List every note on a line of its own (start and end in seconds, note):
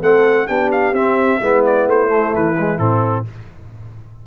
0.00 0.48 A3
0.00 0.47 C4
0.00 0.47 A4
0.00 0.47 F#5
0.47 0.92 B3
0.47 0.94 D4
0.47 1.40 G4
0.47 0.70 G5
0.71 0.94 F5
0.92 1.39 C4
0.92 1.41 C4
0.92 1.64 E5
1.40 1.87 G#3
1.40 2.08 B3
1.40 3.26 E4
1.65 1.89 D5
1.87 2.33 A3
1.87 2.35 C5
2.08 2.54 A3
2.34 2.79 E3
2.34 2.78 B4
2.58 2.78 G#3
2.78 3.25 A2
2.78 3.25 C4
2.78 3.25 A4